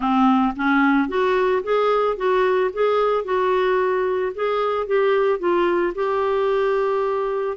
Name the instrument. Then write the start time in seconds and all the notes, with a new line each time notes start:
clarinet
0.00 C4
0.56 C#4
1.08 F#4
1.63 G#4
2.16 F#4
2.73 G#4
3.24 F#4
4.34 G#4
4.86 G4
5.39 F4
5.95 G4